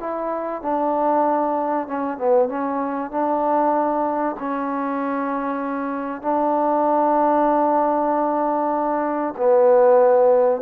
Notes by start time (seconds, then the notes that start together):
0.00 E4
0.62 D4
1.88 C#4
2.18 B3
2.49 C#4
3.11 D4
4.39 C#4
6.22 D4
9.37 B3